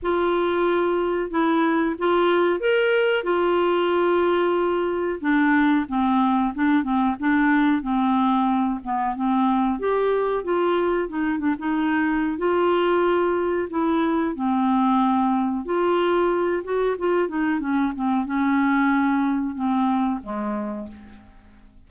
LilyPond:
\new Staff \with { instrumentName = "clarinet" } { \time 4/4 \tempo 4 = 92 f'2 e'4 f'4 | ais'4 f'2. | d'4 c'4 d'8 c'8 d'4 | c'4. b8 c'4 g'4 |
f'4 dis'8 d'16 dis'4~ dis'16 f'4~ | f'4 e'4 c'2 | f'4. fis'8 f'8 dis'8 cis'8 c'8 | cis'2 c'4 gis4 | }